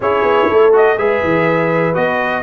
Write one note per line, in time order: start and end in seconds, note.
0.00 0.22 C#4
0.00 0.72 E4
0.00 0.48 G#4
0.00 0.74 C#5
0.22 0.46 B3
0.48 0.98 A3
0.48 0.97 A4
0.72 0.96 F#4
0.72 0.98 D#5
0.98 1.22 G#3
0.98 1.93 G#4
0.98 2.42 B4
0.98 1.95 E5
1.23 1.96 E3
1.93 2.42 B3
1.93 2.42 F#4
1.93 2.42 D#5